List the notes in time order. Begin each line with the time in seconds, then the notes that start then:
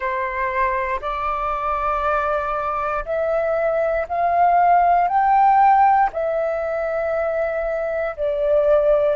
0.00 C5
1.01 D5
3.05 E5
4.08 F5
5.08 G5
6.12 E5
8.16 D5